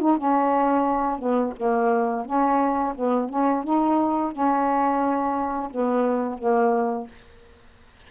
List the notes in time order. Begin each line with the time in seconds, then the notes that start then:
0.00 D#4
0.17 C#4
1.18 B3
1.57 A#3
2.25 C#4
2.95 B3
3.29 C#4
3.64 D#4
4.32 C#4
5.71 B3
6.38 A#3